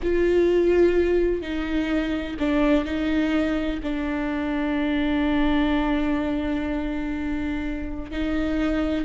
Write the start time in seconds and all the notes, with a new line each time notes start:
0.02 F4
1.41 D#4
2.39 D4
2.84 D#4
3.82 D4
8.11 D#4